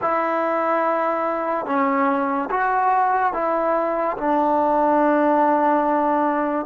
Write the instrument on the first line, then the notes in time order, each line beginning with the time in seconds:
trombone
0.01 E4
1.66 C#4
2.50 F#4
3.33 E4
4.17 D4